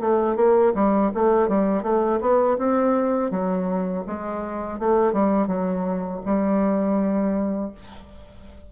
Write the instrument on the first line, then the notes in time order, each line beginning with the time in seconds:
bassoon
0.00 A3
0.36 A#3
0.74 G3
1.14 A3
1.48 G3
1.83 A3
2.21 B3
2.58 C4
3.31 F#3
4.07 G#3
4.79 A3
5.13 G3
5.47 F#3
6.25 G3